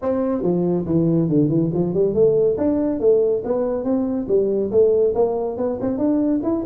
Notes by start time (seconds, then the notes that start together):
0.01 C4
0.42 F3
0.85 E3
1.29 D3
1.48 E3
1.73 F3
1.93 G3
2.14 A3
2.57 D4
3.00 A3
3.44 B3
3.84 C4
4.28 G3
4.71 A3
5.14 A#3
5.57 B3
5.80 C4
5.98 D4
6.43 E4